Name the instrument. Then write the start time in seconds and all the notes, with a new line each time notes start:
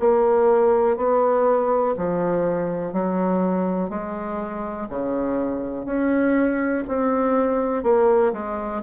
bassoon
0.00 A#3
0.97 B3
1.97 F3
2.93 F#3
3.90 G#3
4.90 C#3
5.86 C#4
6.89 C4
7.83 A#3
8.33 G#3